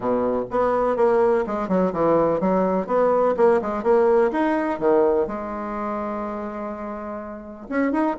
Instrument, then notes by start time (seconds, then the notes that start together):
bassoon
0.00 B2
0.50 B3
0.96 A#3
1.46 G#3
1.68 F#3
1.92 E3
2.40 F#3
2.86 B3
3.36 A#3
3.61 G#3
3.83 A#3
4.31 D#4
4.79 D#3
5.27 G#3
7.69 C#4
7.92 D#4